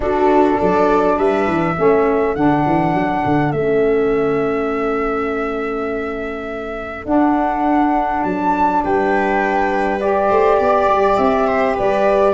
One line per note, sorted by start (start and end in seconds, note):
0.00 0.55 D4
0.00 1.74 D4
0.00 0.58 F#4
0.00 0.60 A4
0.58 1.18 F#3
0.58 1.17 A4
0.58 1.18 D5
1.18 1.47 G3
1.18 1.75 B4
1.18 2.35 E5
1.47 1.76 E3
1.75 2.35 A3
1.75 2.35 C#4
1.75 8.81 A4
2.35 2.65 D3
2.35 3.53 D4
2.35 3.52 F#5
2.66 2.94 E3
2.94 3.23 F#3
3.25 3.52 D3
3.52 7.05 A3
3.52 7.04 C#4
3.52 7.05 E5
7.04 9.99 D4
7.04 8.23 D4
7.04 8.23 F#5
8.23 8.83 F#3
8.23 8.82 A5
8.83 10.30 G3
8.83 10.28 B4
8.83 10.00 G5
10.00 12.33 G4
10.00 11.16 D5
10.28 10.59 A3
10.28 10.57 C5
10.59 10.87 B3
10.59 11.47 D5
10.87 11.17 G3
11.16 11.76 C4
11.16 11.75 E5
11.47 11.75 C5
11.75 12.33 G3
11.75 12.33 B4
11.75 12.33 D5